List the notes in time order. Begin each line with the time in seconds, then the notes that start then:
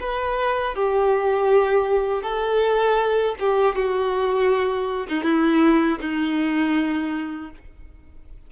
0.00 B4
0.75 G4
2.22 A4
3.39 G4
3.75 F#4
5.08 D#4
5.23 E4
6.00 D#4